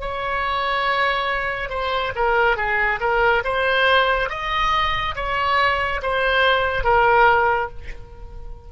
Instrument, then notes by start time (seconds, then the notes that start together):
oboe
0.00 C#5
1.69 C5
2.15 A#4
2.56 G#4
3.00 A#4
3.44 C5
4.29 D#5
5.15 C#5
6.02 C5
6.83 A#4